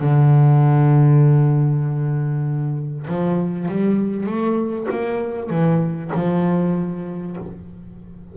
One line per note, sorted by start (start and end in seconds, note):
0.00 3.06 D3
3.08 3.68 F3
3.68 4.26 G3
4.26 4.87 A3
4.90 5.50 A#3
5.50 6.11 E3
6.14 7.37 F3